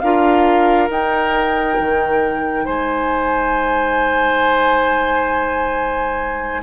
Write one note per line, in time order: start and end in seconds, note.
0.00 0.89 D4
0.00 0.89 F4
0.00 2.65 A#4
0.00 0.88 F5
0.89 6.62 D#4
0.89 1.77 D#4
0.89 2.66 G5
1.79 2.67 D#3
2.65 6.63 G#3
2.65 6.62 C5
2.65 6.63 G#5